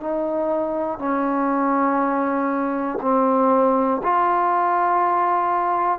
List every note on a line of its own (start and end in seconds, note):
0.00 0.99 D#4
0.99 2.99 C#4
3.01 4.01 C4
4.03 5.99 F4